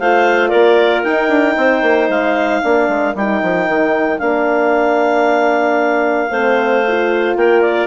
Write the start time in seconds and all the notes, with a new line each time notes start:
0.00 A3 F4 C5 F5
0.49 A#3 A#4 D5
1.04 D#4 G5
1.29 D4
1.57 C4 C5
1.83 A#3
2.09 G#3 F5
2.63 A#3 D4 A#4
2.88 G#3
3.15 G3 D#4 G5
3.43 F3
3.68 D#3
4.19 A#3 D4 F5
6.31 A3 C4 C5
6.88 F4
7.36 A#3 A#4 G5
7.62 D5